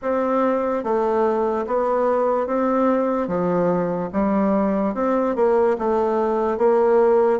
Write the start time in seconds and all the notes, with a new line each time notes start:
0.01 C4
0.83 A3
1.66 B3
2.46 C4
3.27 F3
4.12 G3
4.94 C4
5.35 A#3
5.78 A3
6.58 A#3